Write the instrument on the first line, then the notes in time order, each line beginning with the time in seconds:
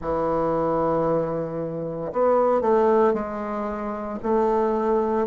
bassoon
0.01 E3
2.12 B3
2.61 A3
3.13 G#3
4.22 A3